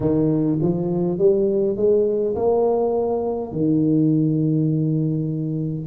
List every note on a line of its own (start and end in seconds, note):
0.00 0.59 D#3
0.61 1.18 F3
1.18 1.76 G3
1.76 2.35 G#3
2.35 3.52 A#3
3.52 5.87 D#3